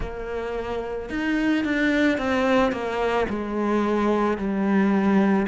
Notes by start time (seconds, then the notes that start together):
0.00 A#3
1.09 D#4
1.64 D4
2.18 C4
2.72 A#3
3.29 G#3
4.37 G3